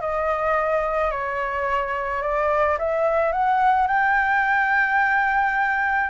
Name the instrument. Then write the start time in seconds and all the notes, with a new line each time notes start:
flute
0.00 D#5
1.11 C#5
2.22 D5
2.79 E5
3.32 F#5
3.87 G5